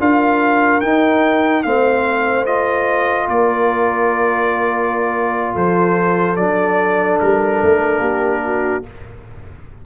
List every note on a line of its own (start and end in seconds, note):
0.00 0.83 D4
0.00 0.82 F4
0.00 1.65 A#4
0.00 0.81 F5
0.81 1.65 D#4
0.81 1.63 G5
1.63 3.29 A3
1.63 2.46 C4
1.63 3.28 C5
1.63 2.46 F5
2.46 6.37 F4
2.46 3.28 D#5
3.28 5.55 A#3
3.28 5.54 A#4
3.28 5.55 D5
5.54 6.37 F3
5.54 8.00 A4
5.54 6.37 C5
6.37 7.19 F#3
6.37 8.84 D4
6.37 7.19 D5
7.20 7.63 G3
7.20 8.85 A#4
7.63 7.99 A3
7.99 8.81 A#3
7.99 8.41 G4
8.45 8.86 F#4